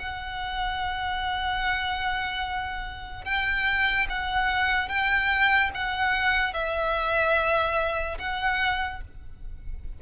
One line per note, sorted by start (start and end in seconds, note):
0.00 3.25 F#5
3.25 4.07 G5
4.09 4.89 F#5
4.89 5.71 G5
5.75 6.53 F#5
6.53 8.18 E5
8.19 9.01 F#5